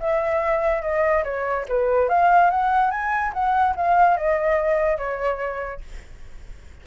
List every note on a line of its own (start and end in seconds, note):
0.00 0.82 E5
0.82 1.24 D#5
1.24 1.66 C#5
1.69 2.09 B4
2.09 2.51 F5
2.51 2.91 F#5
2.91 3.33 G#5
3.34 3.75 F#5
3.77 4.17 F5
4.17 4.98 D#5
4.98 5.81 C#5